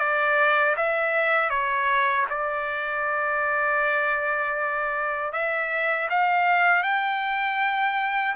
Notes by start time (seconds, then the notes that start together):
0.00 D5
0.77 E5
1.51 C#5
2.30 D5
5.33 E5
6.10 F5
6.84 G5